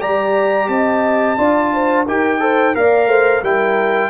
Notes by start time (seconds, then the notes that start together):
0.00 G3 G4 D5 A#5
0.68 C4 D#5 A5
1.37 D4 F4 D5
1.73 C5
2.06 D#4 G4 A#4 G5
2.39 A4 C5
2.74 A#3 A#4 D5 F5
3.07 A3 C5
3.42 G3 E4 A#4 G5